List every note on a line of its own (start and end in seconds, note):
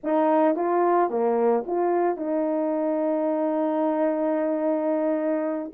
0.03 0.55 D#4
0.55 1.10 F4
1.10 1.64 A#3
1.66 2.17 F4
2.17 5.71 D#4